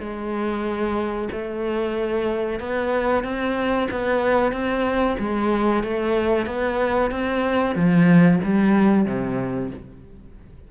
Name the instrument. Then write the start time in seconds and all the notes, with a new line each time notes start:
cello
0.00 G#3
1.32 A3
2.60 B3
3.24 C4
3.91 B3
4.52 C4
5.19 G#3
5.84 A3
6.47 B3
7.12 C4
7.76 F3
8.45 G3
9.06 C3